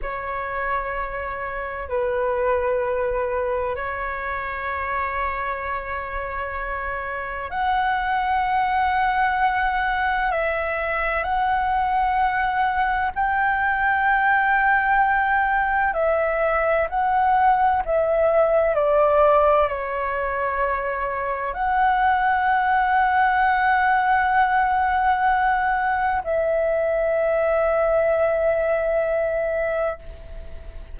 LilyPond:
\new Staff \with { instrumentName = "flute" } { \time 4/4 \tempo 4 = 64 cis''2 b'2 | cis''1 | fis''2. e''4 | fis''2 g''2~ |
g''4 e''4 fis''4 e''4 | d''4 cis''2 fis''4~ | fis''1 | e''1 | }